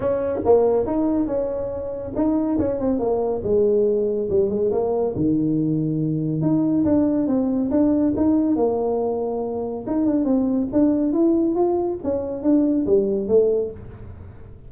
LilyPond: \new Staff \with { instrumentName = "tuba" } { \time 4/4 \tempo 4 = 140 cis'4 ais4 dis'4 cis'4~ | cis'4 dis'4 cis'8 c'8 ais4 | gis2 g8 gis8 ais4 | dis2. dis'4 |
d'4 c'4 d'4 dis'4 | ais2. dis'8 d'8 | c'4 d'4 e'4 f'4 | cis'4 d'4 g4 a4 | }